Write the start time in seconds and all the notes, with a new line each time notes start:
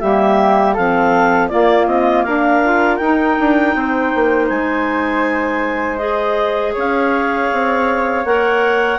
0.00 G3 A#3 G4 E5
0.74 F3 C4 A4 F5
1.48 A#3 F4 D5
1.86 C4 D#5
2.23 D4 A#4 F5
2.64 F4
2.96 D#4 G5
3.40 D4
3.75 C4 C5
4.15 A#3
4.49 G#3 G#5
5.97 G#4 D#5
6.74 C#4 C#5 F5
7.53 C4
8.25 A#3 A#4 F#5